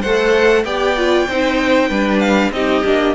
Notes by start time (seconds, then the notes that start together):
0.00 A3 C5 F#5
0.06 A4
0.64 B3 G4 D5 G5
0.97 F4
1.28 C4 D#4 C5
1.88 G3 D4 B4
2.19 F5
2.51 C4 D#4 G4 D#5
2.84 A#3 D4